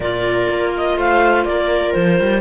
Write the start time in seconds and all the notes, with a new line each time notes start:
0.00 A#2 F4 A#4 D5
0.49 A#3
0.77 D#5
0.97 A3 C5 F5
1.44 A#3 A#4 D5
1.93 F3 C5
2.20 G3